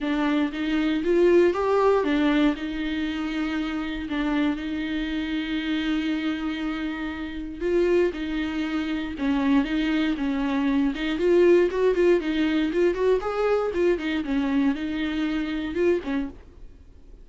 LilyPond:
\new Staff \with { instrumentName = "viola" } { \time 4/4 \tempo 4 = 118 d'4 dis'4 f'4 g'4 | d'4 dis'2. | d'4 dis'2.~ | dis'2. f'4 |
dis'2 cis'4 dis'4 | cis'4. dis'8 f'4 fis'8 f'8 | dis'4 f'8 fis'8 gis'4 f'8 dis'8 | cis'4 dis'2 f'8 cis'8 | }